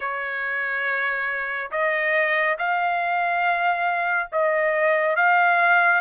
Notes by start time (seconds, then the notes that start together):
0.00 C#5
1.71 D#5
2.58 F5
4.32 D#5
5.15 F5